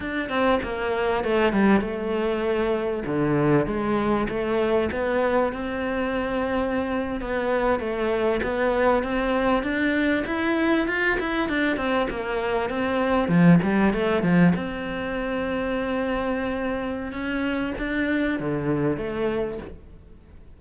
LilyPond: \new Staff \with { instrumentName = "cello" } { \time 4/4 \tempo 4 = 98 d'8 c'8 ais4 a8 g8 a4~ | a4 d4 gis4 a4 | b4 c'2~ c'8. b16~ | b8. a4 b4 c'4 d'16~ |
d'8. e'4 f'8 e'8 d'8 c'8 ais16~ | ais8. c'4 f8 g8 a8 f8 c'16~ | c'1 | cis'4 d'4 d4 a4 | }